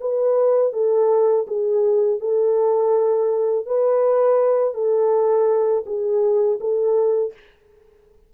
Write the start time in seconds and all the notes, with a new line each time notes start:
0.00 B4
0.73 A4
1.47 G#4
2.20 A4
3.66 B4
4.74 A4
5.86 G#4
6.60 A4